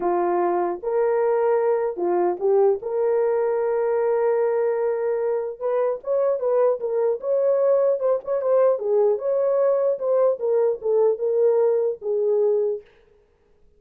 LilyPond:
\new Staff \with { instrumentName = "horn" } { \time 4/4 \tempo 4 = 150 f'2 ais'2~ | ais'4 f'4 g'4 ais'4~ | ais'1~ | ais'2 b'4 cis''4 |
b'4 ais'4 cis''2 | c''8 cis''8 c''4 gis'4 cis''4~ | cis''4 c''4 ais'4 a'4 | ais'2 gis'2 | }